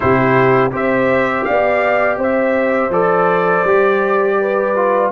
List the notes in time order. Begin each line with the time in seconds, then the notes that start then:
0.00 C3 E4 G4 C5
0.71 C4 G4 C5 E5
1.44 B3 D5 F5
2.17 C4 C5 E5
2.89 F3 A4 D5
3.63 G3 G4
4.40 B4
4.75 F4